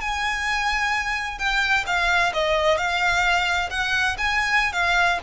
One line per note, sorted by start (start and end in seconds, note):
0.00 1.38 G#5
1.38 1.84 G5
1.86 2.32 F5
2.33 2.77 D#5
2.77 3.69 F5
3.70 4.16 F#5
4.17 4.72 G#5
4.72 5.18 F5